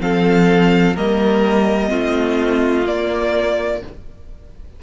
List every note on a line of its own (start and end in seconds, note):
0.00 0.96 F3
0.00 0.95 C4
0.00 0.95 A4
0.00 0.96 F5
0.95 1.91 G3
0.95 1.88 A#3
0.95 1.89 A#4
0.95 2.87 D#5
1.88 2.87 A3
1.88 2.83 C4
1.88 3.80 F4
2.87 3.82 A#3
2.87 3.82 D5